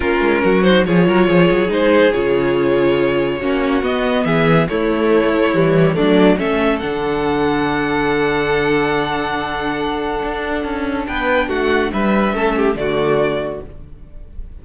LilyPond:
<<
  \new Staff \with { instrumentName = "violin" } { \time 4/4 \tempo 4 = 141 ais'4. c''8 cis''2 | c''4 cis''2.~ | cis''4 dis''4 e''4 cis''4~ | cis''2 d''4 e''4 |
fis''1~ | fis''1~ | fis''2 g''4 fis''4 | e''2 d''2 | }
  \new Staff \with { instrumentName = "violin" } { \time 4/4 f'4 fis'4 gis'8 ais'8 gis'4~ | gis'1 | fis'2 gis'4 e'4~ | e'2 d'4 a'4~ |
a'1~ | a'1~ | a'2 b'4 fis'4 | b'4 a'8 g'8 fis'2 | }
  \new Staff \with { instrumentName = "viola" } { \time 4/4 cis'4. dis'8 f'2 | dis'4 f'2. | cis'4 b2 a4~ | a4 g4 a4 cis'4 |
d'1~ | d'1~ | d'1~ | d'4 cis'4 a2 | }
  \new Staff \with { instrumentName = "cello" } { \time 4/4 ais8 gis8 fis4 f8 fis8 f8 fis8 | gis4 cis2. | ais4 b4 e4 a4~ | a4 e4 fis4 a4 |
d1~ | d1 | d'4 cis'4 b4 a4 | g4 a4 d2 | }
>>